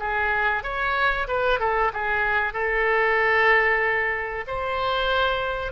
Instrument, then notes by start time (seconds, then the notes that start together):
oboe
0.00 G#4
0.64 C#5
1.28 B4
1.60 A4
1.94 G#4
2.54 A4
4.47 C5